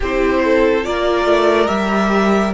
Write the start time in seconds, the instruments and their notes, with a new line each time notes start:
0.00 cello C4, viola E4, violin G4 C5
0.44 violin A4
0.83 cello A#3, viola F4, violin A#4 D5
1.25 cello A3
1.67 cello G3, viola G4, violin E5